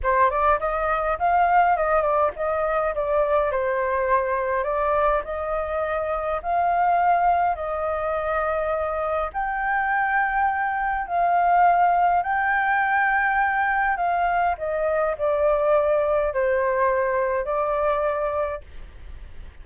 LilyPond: \new Staff \with { instrumentName = "flute" } { \time 4/4 \tempo 4 = 103 c''8 d''8 dis''4 f''4 dis''8 d''8 | dis''4 d''4 c''2 | d''4 dis''2 f''4~ | f''4 dis''2. |
g''2. f''4~ | f''4 g''2. | f''4 dis''4 d''2 | c''2 d''2 | }